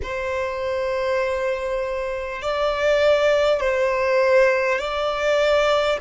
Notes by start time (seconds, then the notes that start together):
0.02 C5
2.42 D5
3.60 C5
4.78 D5